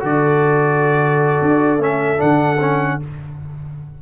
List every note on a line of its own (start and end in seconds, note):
0.00 1.42 D3
0.00 1.80 F#4
0.00 3.03 A4
0.00 1.83 D5
1.42 1.79 D4
1.79 2.19 A3
1.79 2.17 C#4
1.79 2.21 E5
2.17 3.02 D3
2.17 2.57 D4
2.17 3.01 F#5
2.60 3.00 C#4